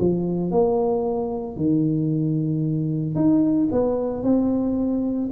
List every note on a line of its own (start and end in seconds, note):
0.00 0.51 F3
0.51 1.57 A#3
1.57 3.16 D#3
3.16 3.69 D#4
3.72 4.24 B3
4.24 5.30 C4